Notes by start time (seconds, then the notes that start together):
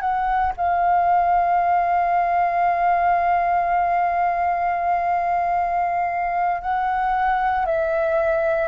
0.00 F#5
0.56 F5
6.61 F#5
7.65 E5